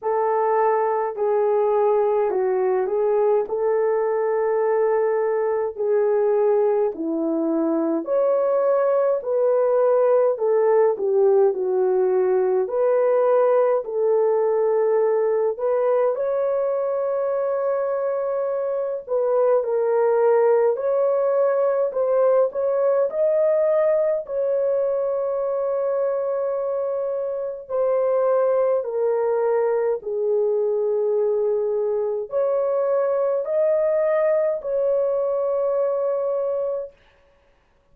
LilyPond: \new Staff \with { instrumentName = "horn" } { \time 4/4 \tempo 4 = 52 a'4 gis'4 fis'8 gis'8 a'4~ | a'4 gis'4 e'4 cis''4 | b'4 a'8 g'8 fis'4 b'4 | a'4. b'8 cis''2~ |
cis''8 b'8 ais'4 cis''4 c''8 cis''8 | dis''4 cis''2. | c''4 ais'4 gis'2 | cis''4 dis''4 cis''2 | }